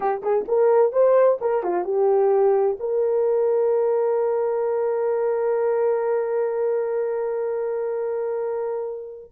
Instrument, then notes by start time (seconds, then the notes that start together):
horn
0.00 G4
0.22 G#4
0.48 A#4
0.92 C5
1.40 A#4
1.63 F4
1.84 G4
2.79 A#4